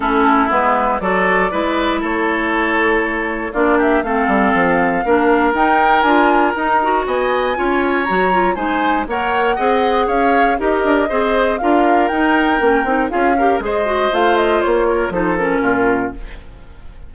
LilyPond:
<<
  \new Staff \with { instrumentName = "flute" } { \time 4/4 \tempo 4 = 119 a'4 b'4 d''2 | cis''2. d''8 e''8 | f''2. g''4 | gis''4 ais''4 gis''2 |
ais''4 gis''4 fis''2 | f''4 dis''2 f''4 | g''2 f''4 dis''4 | f''8 dis''8 cis''4 c''8 ais'4. | }
  \new Staff \with { instrumentName = "oboe" } { \time 4/4 e'2 a'4 b'4 | a'2. f'8 g'8 | a'2 ais'2~ | ais'2 dis''4 cis''4~ |
cis''4 c''4 cis''4 dis''4 | cis''4 ais'4 c''4 ais'4~ | ais'2 gis'8 ais'8 c''4~ | c''4. ais'8 a'4 f'4 | }
  \new Staff \with { instrumentName = "clarinet" } { \time 4/4 cis'4 b4 fis'4 e'4~ | e'2. d'4 | c'2 d'4 dis'4 | f'4 dis'8 fis'4. f'4 |
fis'8 f'8 dis'4 ais'4 gis'4~ | gis'4 g'4 gis'4 f'4 | dis'4 cis'8 dis'8 f'8 g'8 gis'8 fis'8 | f'2 dis'8 cis'4. | }
  \new Staff \with { instrumentName = "bassoon" } { \time 4/4 a4 gis4 fis4 gis4 | a2. ais4 | a8 g8 f4 ais4 dis'4 | d'4 dis'4 b4 cis'4 |
fis4 gis4 ais4 c'4 | cis'4 dis'8 d'8 c'4 d'4 | dis'4 ais8 c'8 cis'4 gis4 | a4 ais4 f4 ais,4 | }
>>